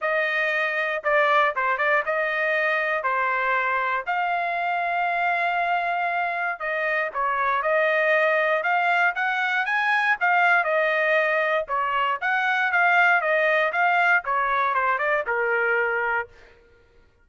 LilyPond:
\new Staff \with { instrumentName = "trumpet" } { \time 4/4 \tempo 4 = 118 dis''2 d''4 c''8 d''8 | dis''2 c''2 | f''1~ | f''4 dis''4 cis''4 dis''4~ |
dis''4 f''4 fis''4 gis''4 | f''4 dis''2 cis''4 | fis''4 f''4 dis''4 f''4 | cis''4 c''8 d''8 ais'2 | }